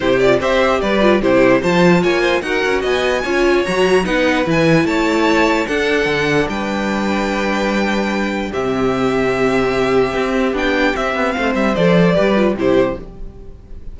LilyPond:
<<
  \new Staff \with { instrumentName = "violin" } { \time 4/4 \tempo 4 = 148 c''8 d''8 e''4 d''4 c''4 | a''4 gis''4 fis''4 gis''4~ | gis''4 ais''4 fis''4 gis''4 | a''2 fis''2 |
g''1~ | g''4 e''2.~ | e''2 g''4 e''4 | f''8 e''8 d''2 c''4 | }
  \new Staff \with { instrumentName = "violin" } { \time 4/4 g'4 c''4 b'4 g'4 | c''4 cis''8 c''8 ais'4 dis''4 | cis''2 b'2 | cis''2 a'2 |
b'1~ | b'4 g'2.~ | g'1 | c''2 b'4 g'4 | }
  \new Staff \with { instrumentName = "viola" } { \time 4/4 e'8 f'8 g'4. f'8 e'4 | f'2 fis'2 | f'4 fis'4 dis'4 e'4~ | e'2 d'2~ |
d'1~ | d'4 c'2.~ | c'2 d'4 c'4~ | c'4 a'4 g'8 f'8 e'4 | }
  \new Staff \with { instrumentName = "cello" } { \time 4/4 c4 c'4 g4 c4 | f4 ais4 dis'8 cis'8 b4 | cis'4 fis4 b4 e4 | a2 d'4 d4 |
g1~ | g4 c2.~ | c4 c'4 b4 c'8 b8 | a8 g8 f4 g4 c4 | }
>>